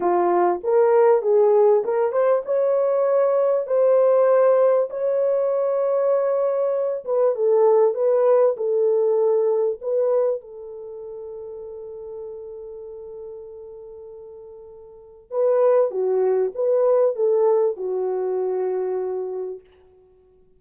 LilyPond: \new Staff \with { instrumentName = "horn" } { \time 4/4 \tempo 4 = 98 f'4 ais'4 gis'4 ais'8 c''8 | cis''2 c''2 | cis''2.~ cis''8 b'8 | a'4 b'4 a'2 |
b'4 a'2.~ | a'1~ | a'4 b'4 fis'4 b'4 | a'4 fis'2. | }